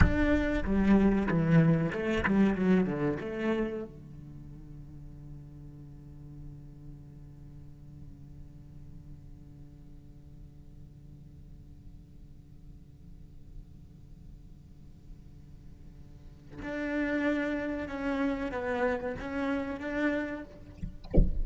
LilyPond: \new Staff \with { instrumentName = "cello" } { \time 4/4 \tempo 4 = 94 d'4 g4 e4 a8 g8 | fis8 d8 a4 d2~ | d1~ | d1~ |
d1~ | d1~ | d2 d'2 | cis'4 b4 cis'4 d'4 | }